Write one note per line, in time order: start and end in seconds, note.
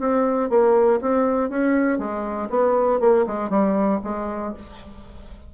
0.00 0.50 C4
0.50 1.00 A#3
1.02 1.50 C4
1.50 1.99 C#4
1.99 2.49 G#3
2.50 3.00 B3
3.00 3.25 A#3
3.27 3.50 G#3
3.50 4.00 G3
4.04 4.54 G#3